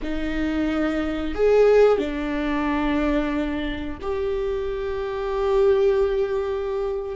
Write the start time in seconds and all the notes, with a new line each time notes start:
0.02 D#4
1.35 G#4
1.98 D4
4.01 G4